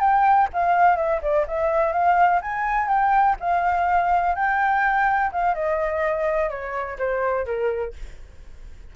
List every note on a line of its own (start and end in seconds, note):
0.00 0.48 G5
0.53 0.96 F5
0.96 1.20 E5
1.22 1.46 D5
1.47 1.92 E5
1.92 2.40 F5
2.42 2.88 G#5
2.88 3.36 G5
3.40 4.35 F5
4.35 5.31 G5
5.32 5.54 F5
5.54 6.50 D#5
6.50 6.98 C#5
6.98 7.46 C5
7.46 7.94 A#4